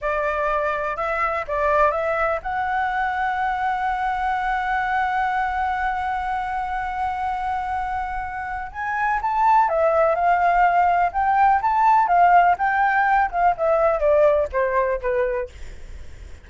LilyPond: \new Staff \with { instrumentName = "flute" } { \time 4/4 \tempo 4 = 124 d''2 e''4 d''4 | e''4 fis''2.~ | fis''1~ | fis''1~ |
fis''2 gis''4 a''4 | e''4 f''2 g''4 | a''4 f''4 g''4. f''8 | e''4 d''4 c''4 b'4 | }